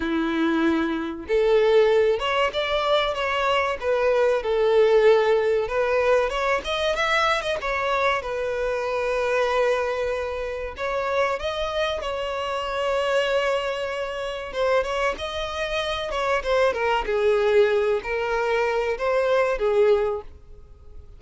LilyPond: \new Staff \with { instrumentName = "violin" } { \time 4/4 \tempo 4 = 95 e'2 a'4. cis''8 | d''4 cis''4 b'4 a'4~ | a'4 b'4 cis''8 dis''8 e''8. dis''16 | cis''4 b'2.~ |
b'4 cis''4 dis''4 cis''4~ | cis''2. c''8 cis''8 | dis''4. cis''8 c''8 ais'8 gis'4~ | gis'8 ais'4. c''4 gis'4 | }